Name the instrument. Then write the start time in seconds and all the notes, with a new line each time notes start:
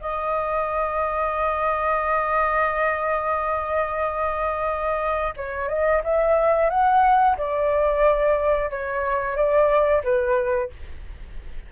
flute
0.00 D#5
5.36 C#5
5.68 D#5
6.04 E5
6.70 F#5
7.37 D5
8.70 C#5
9.36 D5
10.04 B4